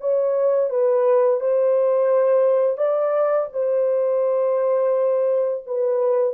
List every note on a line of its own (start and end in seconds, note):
0.00 0.70 C#5
0.70 1.40 B4
1.40 2.78 C5
2.78 3.48 D5
3.53 5.64 C5
5.66 6.34 B4